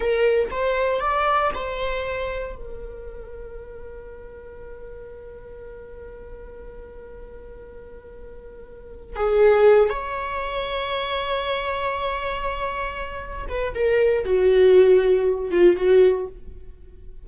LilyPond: \new Staff \with { instrumentName = "viola" } { \time 4/4 \tempo 4 = 118 ais'4 c''4 d''4 c''4~ | c''4 ais'2.~ | ais'1~ | ais'1~ |
ais'2 gis'4. cis''8~ | cis''1~ | cis''2~ cis''8 b'8 ais'4 | fis'2~ fis'8 f'8 fis'4 | }